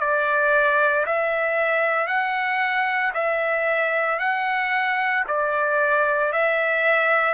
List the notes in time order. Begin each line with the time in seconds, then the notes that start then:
0.00 D5
1.06 E5
2.07 F#5
3.14 E5
4.20 F#5
5.28 D5
6.33 E5